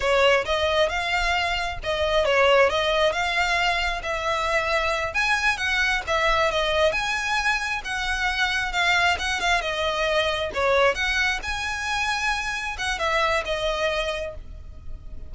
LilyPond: \new Staff \with { instrumentName = "violin" } { \time 4/4 \tempo 4 = 134 cis''4 dis''4 f''2 | dis''4 cis''4 dis''4 f''4~ | f''4 e''2~ e''8 gis''8~ | gis''8 fis''4 e''4 dis''4 gis''8~ |
gis''4. fis''2 f''8~ | f''8 fis''8 f''8 dis''2 cis''8~ | cis''8 fis''4 gis''2~ gis''8~ | gis''8 fis''8 e''4 dis''2 | }